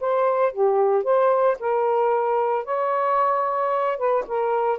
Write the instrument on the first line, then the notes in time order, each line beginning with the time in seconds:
saxophone
0.00 C5
0.52 G4
1.03 C5
1.59 A#4
2.64 C#5
3.97 B4
4.27 A#4